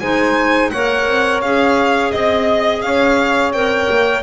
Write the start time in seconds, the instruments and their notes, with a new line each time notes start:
0.00 double bass G#3, clarinet D#4, saxophone C5, violin G#5
0.71 double bass A#3, clarinet A#4, saxophone C#5, violin F#5
1.06 double bass C4
1.42 double bass C#4, clarinet G#4, violin F5
2.11 double bass C4, violin D#5, saxophone D#5
2.82 double bass C#4, saxophone C#5, violin F5
3.52 double bass C4, clarinet A#4, violin G5
3.90 double bass A#3